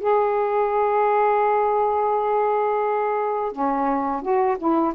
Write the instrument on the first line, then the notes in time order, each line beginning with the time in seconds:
saxophone
0.00 G#4
3.52 C#4
4.22 F#4
4.58 E4